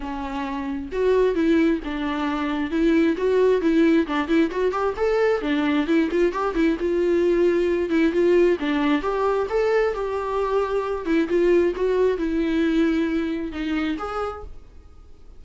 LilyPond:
\new Staff \with { instrumentName = "viola" } { \time 4/4 \tempo 4 = 133 cis'2 fis'4 e'4 | d'2 e'4 fis'4 | e'4 d'8 e'8 fis'8 g'8 a'4 | d'4 e'8 f'8 g'8 e'8 f'4~ |
f'4. e'8 f'4 d'4 | g'4 a'4 g'2~ | g'8 e'8 f'4 fis'4 e'4~ | e'2 dis'4 gis'4 | }